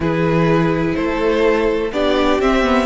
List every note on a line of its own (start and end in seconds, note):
0.00 0.94 E3
0.00 1.90 E4
0.00 0.96 G#4
0.00 0.95 B4
0.95 1.91 A3
0.95 1.92 A4
0.95 1.91 C5
1.91 2.39 B3
1.91 2.41 D4
1.91 2.86 G4
1.91 2.41 D5
2.40 2.86 C4
2.40 2.63 C4
2.40 2.86 E5
2.63 2.86 B3